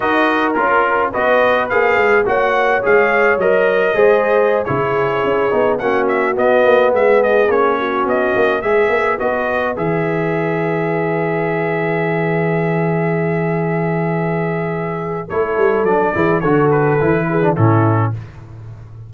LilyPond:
<<
  \new Staff \with { instrumentName = "trumpet" } { \time 4/4 \tempo 4 = 106 dis''4 ais'4 dis''4 f''4 | fis''4 f''4 dis''2~ | dis''16 cis''2 fis''8 e''8 dis''8.~ | dis''16 e''8 dis''8 cis''4 dis''4 e''8.~ |
e''16 dis''4 e''2~ e''8.~ | e''1~ | e''2. cis''4 | d''4 cis''8 b'4. a'4 | }
  \new Staff \with { instrumentName = "horn" } { \time 4/4 ais'2 b'2 | cis''2. c''4~ | c''16 gis'2 fis'4.~ fis'16~ | fis'16 gis'4. fis'4. b'8.~ |
b'1~ | b'1~ | b'2. a'4~ | a'8 gis'8 a'4. gis'8 e'4 | }
  \new Staff \with { instrumentName = "trombone" } { \time 4/4 fis'4 f'4 fis'4 gis'4 | fis'4 gis'4 ais'4 gis'4~ | gis'16 e'4. dis'8 cis'4 b8.~ | b4~ b16 cis'2 gis'8.~ |
gis'16 fis'4 gis'2~ gis'8.~ | gis'1~ | gis'2. e'4 | d'8 e'8 fis'4 e'8. d'16 cis'4 | }
  \new Staff \with { instrumentName = "tuba" } { \time 4/4 dis'4 cis'4 b4 ais8 gis8 | ais4 gis4 fis4 gis4~ | gis16 cis4 cis'8 b8 ais4 b8 ais16~ | ais16 gis4 ais4 b8 ais8 gis8 ais16~ |
ais16 b4 e2~ e8.~ | e1~ | e2. a8 g8 | fis8 e8 d4 e4 a,4 | }
>>